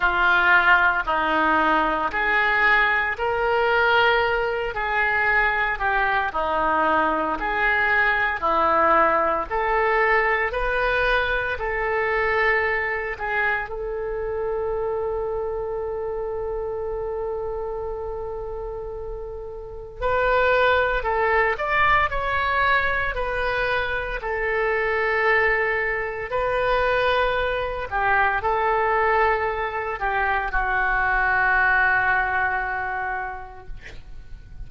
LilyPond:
\new Staff \with { instrumentName = "oboe" } { \time 4/4 \tempo 4 = 57 f'4 dis'4 gis'4 ais'4~ | ais'8 gis'4 g'8 dis'4 gis'4 | e'4 a'4 b'4 a'4~ | a'8 gis'8 a'2.~ |
a'2. b'4 | a'8 d''8 cis''4 b'4 a'4~ | a'4 b'4. g'8 a'4~ | a'8 g'8 fis'2. | }